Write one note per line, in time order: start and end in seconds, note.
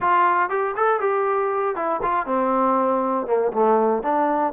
0.00 0.49 F4
0.49 0.74 G4
0.76 1.00 A4
1.00 1.75 G4
1.75 2.01 E4
2.02 2.26 F4
2.26 3.26 C4
3.27 3.52 A#3
3.52 4.02 A3
4.02 4.53 D4